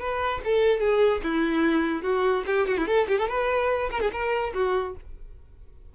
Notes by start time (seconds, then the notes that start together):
0.00 B4
0.45 A4
0.81 G#4
1.24 E4
2.03 F#4
2.47 G4
2.68 F#4
2.78 E4
2.87 A4
3.08 G4
3.19 A4
3.29 B4
3.91 A#4
4.01 G#4
4.13 A#4
4.55 F#4